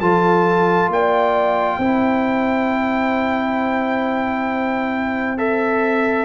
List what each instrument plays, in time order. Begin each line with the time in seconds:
0.00 tuba F3, trombone F4, horn A4, trumpet A5
0.88 tuba A#3, horn D5, trumpet G5
1.78 tuba C4, trombone E4, horn C5
5.37 trombone A4, trumpet E5